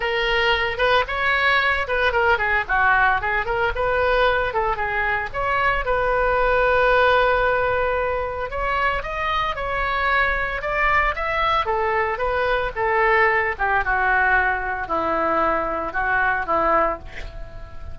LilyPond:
\new Staff \with { instrumentName = "oboe" } { \time 4/4 \tempo 4 = 113 ais'4. b'8 cis''4. b'8 | ais'8 gis'8 fis'4 gis'8 ais'8 b'4~ | b'8 a'8 gis'4 cis''4 b'4~ | b'1 |
cis''4 dis''4 cis''2 | d''4 e''4 a'4 b'4 | a'4. g'8 fis'2 | e'2 fis'4 e'4 | }